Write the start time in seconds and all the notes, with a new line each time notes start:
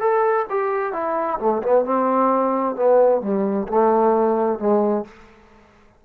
0.00 A4
0.50 G4
0.93 E4
1.39 A3
1.63 B3
1.85 C4
2.76 B3
3.22 G3
3.68 A3
4.59 G#3